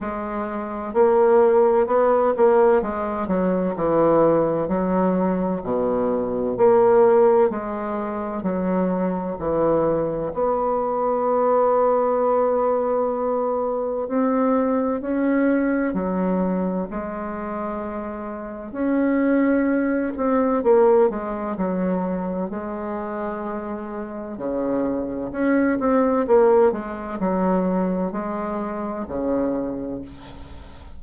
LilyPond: \new Staff \with { instrumentName = "bassoon" } { \time 4/4 \tempo 4 = 64 gis4 ais4 b8 ais8 gis8 fis8 | e4 fis4 b,4 ais4 | gis4 fis4 e4 b4~ | b2. c'4 |
cis'4 fis4 gis2 | cis'4. c'8 ais8 gis8 fis4 | gis2 cis4 cis'8 c'8 | ais8 gis8 fis4 gis4 cis4 | }